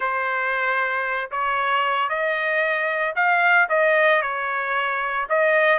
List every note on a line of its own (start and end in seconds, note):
0.00 1.30 C5
1.31 2.09 C#5
2.09 3.14 D#5
3.15 3.68 F5
3.69 4.22 D#5
4.22 5.27 C#5
5.29 5.78 D#5